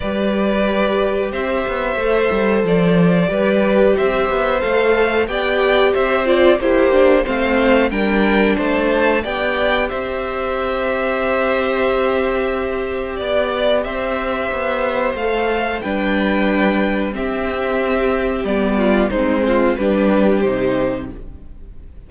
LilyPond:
<<
  \new Staff \with { instrumentName = "violin" } { \time 4/4 \tempo 4 = 91 d''2 e''2 | d''2 e''4 f''4 | g''4 e''8 d''8 c''4 f''4 | g''4 a''4 g''4 e''4~ |
e''1 | d''4 e''2 f''4 | g''2 e''2 | d''4 c''4 b'4 c''4 | }
  \new Staff \with { instrumentName = "violin" } { \time 4/4 b'2 c''2~ | c''4 b'4 c''2 | d''4 c''4 g'4 c''4 | ais'4 c''4 d''4 c''4~ |
c''1 | d''4 c''2. | b'2 g'2~ | g'8 f'8 dis'8 f'8 g'2 | }
  \new Staff \with { instrumentName = "viola" } { \time 4/4 g'2. a'4~ | a'4 g'2 a'4 | g'4. f'8 e'8 d'8 c'4 | d'2 g'2~ |
g'1~ | g'2. a'4 | d'2 c'2 | b4 c'4 d'4 dis'4 | }
  \new Staff \with { instrumentName = "cello" } { \time 4/4 g2 c'8 b8 a8 g8 | f4 g4 c'8 b8 a4 | b4 c'4 ais4 a4 | g4 a4 b4 c'4~ |
c'1 | b4 c'4 b4 a4 | g2 c'2 | g4 gis4 g4 c4 | }
>>